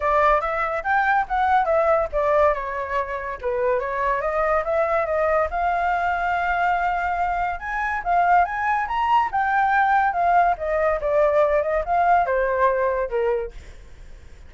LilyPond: \new Staff \with { instrumentName = "flute" } { \time 4/4 \tempo 4 = 142 d''4 e''4 g''4 fis''4 | e''4 d''4 cis''2 | b'4 cis''4 dis''4 e''4 | dis''4 f''2.~ |
f''2 gis''4 f''4 | gis''4 ais''4 g''2 | f''4 dis''4 d''4. dis''8 | f''4 c''2 ais'4 | }